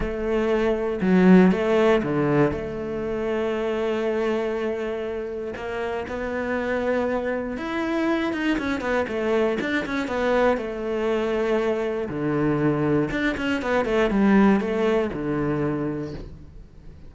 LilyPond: \new Staff \with { instrumentName = "cello" } { \time 4/4 \tempo 4 = 119 a2 fis4 a4 | d4 a2.~ | a2. ais4 | b2. e'4~ |
e'8 dis'8 cis'8 b8 a4 d'8 cis'8 | b4 a2. | d2 d'8 cis'8 b8 a8 | g4 a4 d2 | }